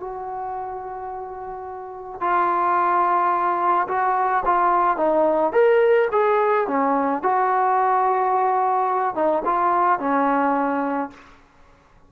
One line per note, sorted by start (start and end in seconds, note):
0.00 2.21 F#4
2.21 3.87 F4
3.88 4.43 F#4
4.46 4.97 F4
4.97 5.53 D#4
5.53 6.09 A#4
6.12 6.67 G#4
6.67 7.23 C#4
7.23 9.15 F#4
9.15 9.43 D#4
9.45 9.99 F4
9.99 11.11 C#4